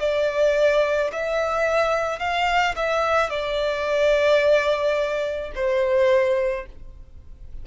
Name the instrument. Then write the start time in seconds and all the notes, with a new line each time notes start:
violin
0.00 D5
1.13 E5
2.19 F5
2.76 E5
3.30 D5
5.55 C5